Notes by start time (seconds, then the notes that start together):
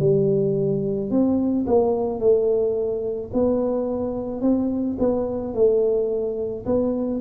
0.00 G3
1.11 C4
1.67 A#3
2.20 A3
3.34 B3
4.41 C4
4.99 B3
5.54 A3
6.66 B3